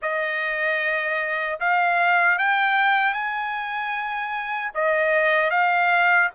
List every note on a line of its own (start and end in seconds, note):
0.01 1.59 D#5
1.60 2.38 F5
2.38 3.13 G5
3.13 4.71 G#5
4.74 5.50 D#5
5.50 6.29 F5